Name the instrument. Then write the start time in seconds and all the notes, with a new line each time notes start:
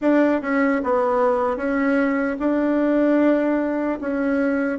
bassoon
0.01 D4
0.41 C#4
0.83 B3
1.56 C#4
2.39 D4
4.00 C#4